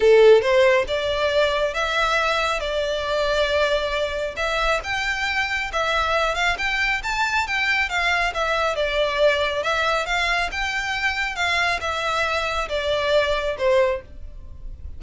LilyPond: \new Staff \with { instrumentName = "violin" } { \time 4/4 \tempo 4 = 137 a'4 c''4 d''2 | e''2 d''2~ | d''2 e''4 g''4~ | g''4 e''4. f''8 g''4 |
a''4 g''4 f''4 e''4 | d''2 e''4 f''4 | g''2 f''4 e''4~ | e''4 d''2 c''4 | }